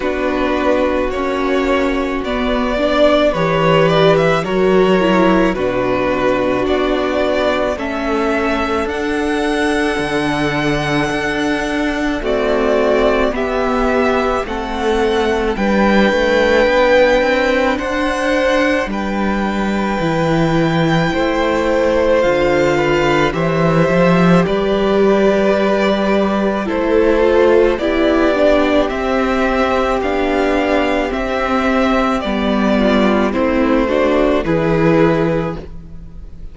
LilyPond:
<<
  \new Staff \with { instrumentName = "violin" } { \time 4/4 \tempo 4 = 54 b'4 cis''4 d''4 cis''8 d''16 e''16 | cis''4 b'4 d''4 e''4 | fis''2. d''4 | e''4 fis''4 g''2 |
fis''4 g''2. | f''4 e''4 d''2 | c''4 d''4 e''4 f''4 | e''4 d''4 c''4 b'4 | }
  \new Staff \with { instrumentName = "violin" } { \time 4/4 fis'2~ fis'8 d''8 b'4 | ais'4 fis'2 a'4~ | a'2. fis'4 | g'4 a'4 b'2 |
c''4 b'2 c''4~ | c''8 b'8 c''4 b'2 | a'4 g'2.~ | g'4. f'8 e'8 fis'8 gis'4 | }
  \new Staff \with { instrumentName = "viola" } { \time 4/4 d'4 cis'4 b8 d'8 g'4 | fis'8 e'8 d'2 cis'4 | d'2. a4 | b4 c'4 d'2~ |
d'2 e'2 | f'4 g'2. | e'8 f'8 e'8 d'8 c'4 d'4 | c'4 b4 c'8 d'8 e'4 | }
  \new Staff \with { instrumentName = "cello" } { \time 4/4 b4 ais4 b4 e4 | fis4 b,4 b4 a4 | d'4 d4 d'4 c'4 | b4 a4 g8 a8 b8 c'8 |
d'4 g4 e4 a4 | d4 e8 f8 g2 | a4 b4 c'4 b4 | c'4 g4 a4 e4 | }
>>